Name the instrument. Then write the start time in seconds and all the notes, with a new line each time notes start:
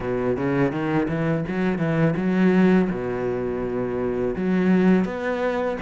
cello
0.00 B2
0.36 C#3
0.71 D#3
1.08 E3
1.48 F#3
1.78 E3
2.16 F#3
2.90 B2
4.36 F#3
5.04 B3